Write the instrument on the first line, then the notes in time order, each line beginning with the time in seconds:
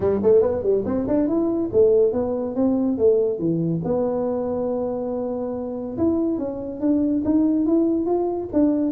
tuba
0.00 G3
0.22 A3
0.41 B3
0.62 G3
0.85 C4
1.07 D4
1.27 E4
1.72 A3
2.12 B3
2.55 C4
2.97 A3
3.38 E3
3.84 B3
5.97 E4
6.38 C#4
6.80 D4
7.24 D#4
7.66 E4
8.06 F4
8.52 D4